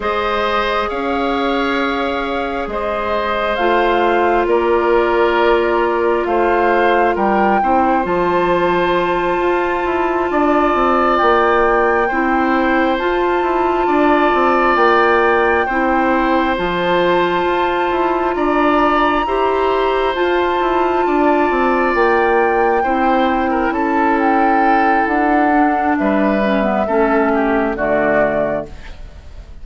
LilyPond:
<<
  \new Staff \with { instrumentName = "flute" } { \time 4/4 \tempo 4 = 67 dis''4 f''2 dis''4 | f''4 d''2 f''4 | g''4 a''2.~ | a''8 g''2 a''4.~ |
a''8 g''2 a''4.~ | a''8 ais''2 a''4.~ | a''8 g''2 a''8 g''4 | fis''4 e''2 d''4 | }
  \new Staff \with { instrumentName = "oboe" } { \time 4/4 c''4 cis''2 c''4~ | c''4 ais'2 c''4 | ais'8 c''2. d''8~ | d''4. c''2 d''8~ |
d''4. c''2~ c''8~ | c''8 d''4 c''2 d''8~ | d''4. c''8. ais'16 a'4.~ | a'4 b'4 a'8 g'8 fis'4 | }
  \new Staff \with { instrumentName = "clarinet" } { \time 4/4 gis'1 | f'1~ | f'8 e'8 f'2.~ | f'4. e'4 f'4.~ |
f'4. e'4 f'4.~ | f'4. g'4 f'4.~ | f'4. e'2~ e'8~ | e'8 d'4 cis'16 b16 cis'4 a4 | }
  \new Staff \with { instrumentName = "bassoon" } { \time 4/4 gis4 cis'2 gis4 | a4 ais2 a4 | g8 c'8 f4. f'8 e'8 d'8 | c'8 ais4 c'4 f'8 e'8 d'8 |
c'8 ais4 c'4 f4 f'8 | e'8 d'4 e'4 f'8 e'8 d'8 | c'8 ais4 c'4 cis'4. | d'4 g4 a4 d4 | }
>>